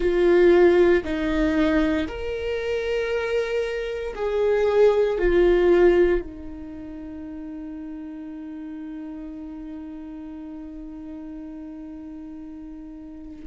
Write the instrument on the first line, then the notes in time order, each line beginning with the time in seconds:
viola
0.00 F4
1.03 D#4
2.07 A#4
4.15 G#4
5.18 F4
6.21 D#4